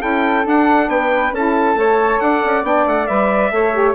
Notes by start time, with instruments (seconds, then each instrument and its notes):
0.00 bassoon C#4, saxophone E4, flute A4, trumpet G5
0.44 saxophone D4, bassoon D4, trumpet F#5
0.88 bassoon B3, flute B4, trumpet G5
1.31 bassoon C#4, saxophone E4, flute A4, trumpet A5
1.75 bassoon A3, saxophone A4, flute C#5
2.20 bassoon D4, flute D5, trumpet F#5
2.45 bassoon C#4
2.63 bassoon B3, saxophone D4, trumpet G5
2.86 bassoon A3, trumpet F#5
3.07 bassoon G3, saxophone B4, trumpet E5
3.51 bassoon A3, saxophone A4, flute C#5
3.73 saxophone G4